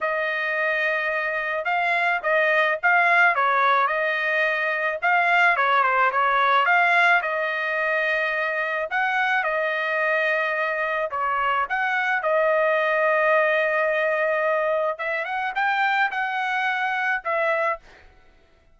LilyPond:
\new Staff \with { instrumentName = "trumpet" } { \time 4/4 \tempo 4 = 108 dis''2. f''4 | dis''4 f''4 cis''4 dis''4~ | dis''4 f''4 cis''8 c''8 cis''4 | f''4 dis''2. |
fis''4 dis''2. | cis''4 fis''4 dis''2~ | dis''2. e''8 fis''8 | g''4 fis''2 e''4 | }